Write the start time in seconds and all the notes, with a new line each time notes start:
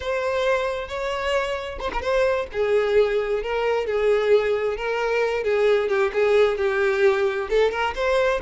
0.00 C5
0.88 C#5
1.80 C5
1.93 A#4
2.01 C5
2.52 G#4
3.42 A#4
3.86 G#4
4.76 A#4
5.43 G#4
5.89 G4
6.13 G#4
6.57 G4
7.49 A4
7.71 A#4
7.95 C5